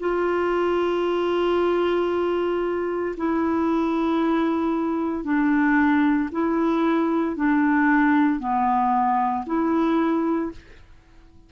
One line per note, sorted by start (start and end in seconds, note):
0.00 3.16 F4
3.18 5.24 E4
5.24 6.30 D4
6.32 7.36 E4
7.36 8.40 D4
8.40 9.45 B3
9.46 10.52 E4